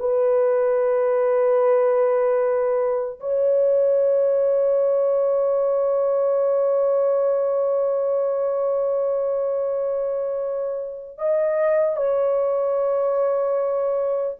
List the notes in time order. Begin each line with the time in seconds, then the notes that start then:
0.00 B4
3.20 C#5
11.19 D#5
11.97 C#5